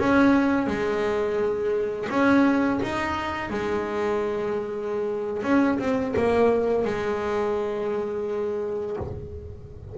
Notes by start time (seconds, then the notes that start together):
0.00 C#4
0.67 G#3
2.10 C#4
2.83 D#4
3.50 G#3
5.43 C#4
5.79 C4
6.17 A#3
6.85 G#3